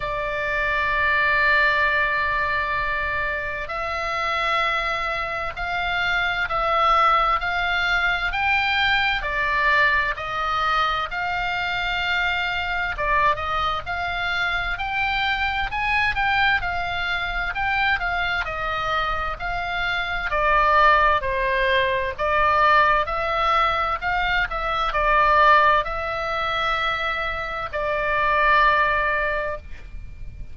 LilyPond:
\new Staff \with { instrumentName = "oboe" } { \time 4/4 \tempo 4 = 65 d''1 | e''2 f''4 e''4 | f''4 g''4 d''4 dis''4 | f''2 d''8 dis''8 f''4 |
g''4 gis''8 g''8 f''4 g''8 f''8 | dis''4 f''4 d''4 c''4 | d''4 e''4 f''8 e''8 d''4 | e''2 d''2 | }